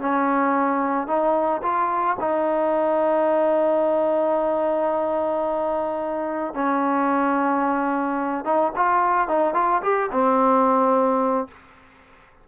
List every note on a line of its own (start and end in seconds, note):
0.00 1.07 C#4
1.07 1.62 D#4
1.62 2.17 F4
2.20 6.54 D#4
6.54 8.44 C#4
8.44 8.72 D#4
8.76 9.28 F4
9.28 9.54 D#4
9.54 9.81 F4
9.82 10.10 G4
10.11 11.48 C4